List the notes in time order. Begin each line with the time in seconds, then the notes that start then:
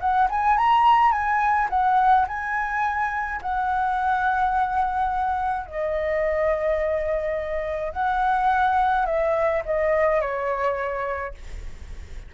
0.00 F#5
0.30 G#5
0.57 A#5
1.11 G#5
1.70 F#5
2.27 G#5
3.42 F#5
5.66 D#5
7.92 F#5
9.06 E5
9.65 D#5
10.21 C#5